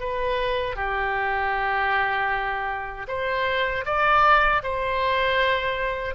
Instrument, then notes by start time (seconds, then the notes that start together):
oboe
0.00 B4
0.76 G4
3.08 C5
3.85 D5
4.63 C5